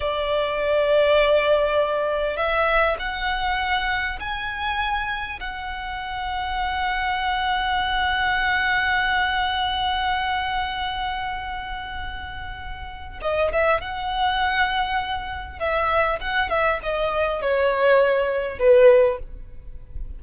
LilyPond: \new Staff \with { instrumentName = "violin" } { \time 4/4 \tempo 4 = 100 d''1 | e''4 fis''2 gis''4~ | gis''4 fis''2.~ | fis''1~ |
fis''1~ | fis''2 dis''8 e''8 fis''4~ | fis''2 e''4 fis''8 e''8 | dis''4 cis''2 b'4 | }